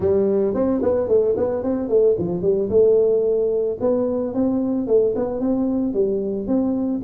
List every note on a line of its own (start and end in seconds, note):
0.00 0.54 G3
0.54 0.81 C4
0.82 1.08 B3
1.08 1.35 A3
1.37 1.63 B3
1.63 1.88 C4
1.88 2.15 A3
2.18 2.42 F3
2.42 2.69 G3
2.69 3.77 A3
3.80 4.34 B3
4.34 4.87 C4
4.87 5.14 A3
5.15 5.39 B3
5.39 5.93 C4
5.93 6.47 G3
6.47 7.01 C4